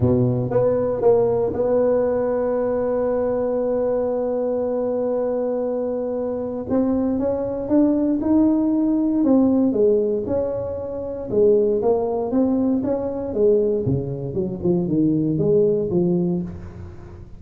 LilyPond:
\new Staff \with { instrumentName = "tuba" } { \time 4/4 \tempo 4 = 117 b,4 b4 ais4 b4~ | b1~ | b1~ | b4 c'4 cis'4 d'4 |
dis'2 c'4 gis4 | cis'2 gis4 ais4 | c'4 cis'4 gis4 cis4 | fis8 f8 dis4 gis4 f4 | }